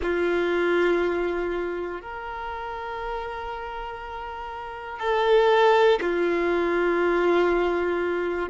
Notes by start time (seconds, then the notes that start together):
0.02 F4
2.01 A#4
4.99 A4
6.01 F4